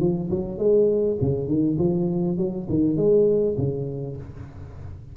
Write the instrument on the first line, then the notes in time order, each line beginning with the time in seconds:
tuba
0.00 F3
0.30 F#3
0.58 G#3
1.21 C#3
1.47 D#3
1.78 F3
2.37 F#3
2.69 D#3
2.97 G#3
3.57 C#3